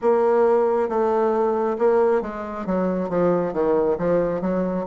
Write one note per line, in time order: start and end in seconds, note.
0.01 0.88 A#3
0.88 1.76 A3
1.78 2.21 A#3
2.21 2.66 G#3
2.66 3.09 F#3
3.09 3.53 F3
3.53 3.97 D#3
3.97 4.41 F3
4.41 4.85 F#3